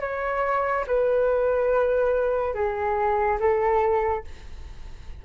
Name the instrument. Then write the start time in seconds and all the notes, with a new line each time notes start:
flute
0.00 C#5
0.86 B4
2.54 G#4
3.39 A4